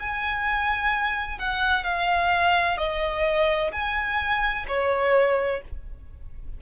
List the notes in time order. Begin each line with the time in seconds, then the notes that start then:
0.00 G#5
1.39 F#5
1.85 F5
2.78 D#5
3.72 G#5
4.68 C#5